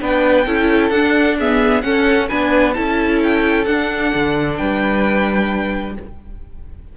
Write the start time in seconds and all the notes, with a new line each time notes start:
0.00 B3 D4 B4 G5
0.47 C#4 E4 A4
0.90 D4 F#5
1.39 B3 G#4 E5
1.82 C#4 A4 F#5
2.29 B3 D4 B4 G#5
2.74 C#4 E4 A4 A5
3.23 G5
3.65 D4 F#5
4.15 D3
4.58 G3 B4 G5